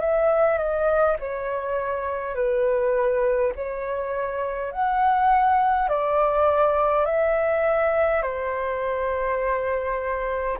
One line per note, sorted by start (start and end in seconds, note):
0.00 0.58 E5
0.58 1.17 D#5
1.19 2.35 C#5
2.35 3.52 B4
3.55 4.72 C#5
4.72 5.89 F#5
5.89 7.05 D5
7.05 8.22 E5
8.22 10.57 C5